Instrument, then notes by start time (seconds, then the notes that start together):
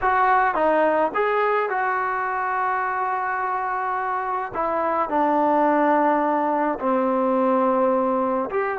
trombone
0.01 F#4
0.55 D#4
1.14 G#4
1.69 F#4
4.54 E4
5.09 D4
6.79 C4
8.50 G4